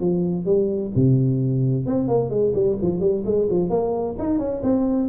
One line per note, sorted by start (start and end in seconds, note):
0.00 0.45 F3
0.45 0.91 G3
0.95 1.86 C3
1.86 2.07 C4
2.07 2.29 A#3
2.29 2.52 G#3
2.54 2.78 G3
2.81 3.00 F3
3.00 3.23 G3
3.25 3.48 G#3
3.50 3.69 F3
3.69 4.16 A#3
4.18 4.38 D#4
4.38 4.61 C#4
4.63 5.08 C4